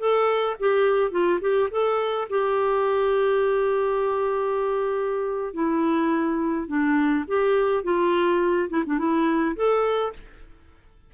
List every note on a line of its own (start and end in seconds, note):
0.00 0.57 A4
0.60 1.12 G4
1.12 1.40 F4
1.41 1.70 G4
1.71 2.28 A4
2.30 5.54 G4
5.54 6.68 E4
6.68 7.25 D4
7.28 7.84 G4
7.84 8.70 F4
8.70 8.84 E4
8.86 8.99 D4
8.99 9.56 E4
9.56 10.14 A4